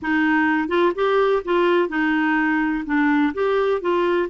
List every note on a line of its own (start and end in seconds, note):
0.02 0.68 D#4
0.68 0.92 F4
0.95 1.42 G4
1.45 1.89 F4
1.89 2.84 D#4
2.85 3.33 D4
3.34 3.81 G4
3.81 4.29 F4